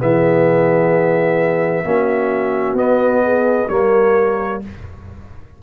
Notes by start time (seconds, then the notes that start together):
0.00 E3 B3 G#4 E5
1.85 A#3 C#4 F#4
2.73 B3 D#5
3.24 G#4
3.69 G3 A#3 A#4 C#5